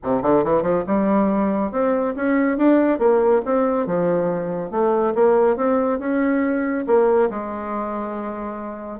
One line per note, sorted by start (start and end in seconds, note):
0.03 0.22 C3
0.22 0.43 D3
0.43 0.62 E3
0.62 0.83 F3
0.86 1.71 G3
1.71 2.14 C4
2.15 2.57 C#4
2.57 2.98 D4
2.98 3.41 A#3
3.45 3.86 C4
3.86 4.70 F3
4.70 5.13 A3
5.14 5.56 A#3
5.56 5.99 C4
5.99 6.85 C#4
6.86 7.29 A#3
7.30 9.00 G#3